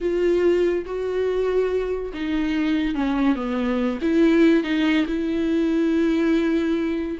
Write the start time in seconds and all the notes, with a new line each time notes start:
0.00 F4
0.85 F#4
2.13 D#4
2.94 C#4
3.35 B3
4.01 E4
4.63 D#4
5.06 E4